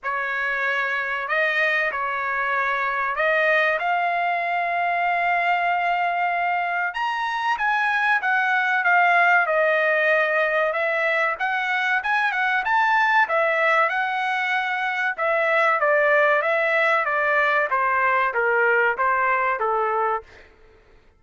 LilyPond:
\new Staff \with { instrumentName = "trumpet" } { \time 4/4 \tempo 4 = 95 cis''2 dis''4 cis''4~ | cis''4 dis''4 f''2~ | f''2. ais''4 | gis''4 fis''4 f''4 dis''4~ |
dis''4 e''4 fis''4 gis''8 fis''8 | a''4 e''4 fis''2 | e''4 d''4 e''4 d''4 | c''4 ais'4 c''4 a'4 | }